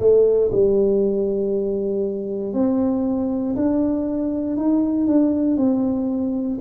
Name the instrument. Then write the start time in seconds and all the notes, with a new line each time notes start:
tuba
0.00 A3
0.52 G3
2.54 C4
3.56 D4
4.57 D#4
5.07 D4
5.57 C4